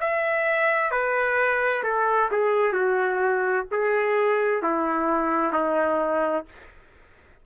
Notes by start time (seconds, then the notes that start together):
0.00 E5
0.91 B4
1.83 A4
2.31 G#4
2.73 F#4
3.71 G#4
4.62 E4
5.53 D#4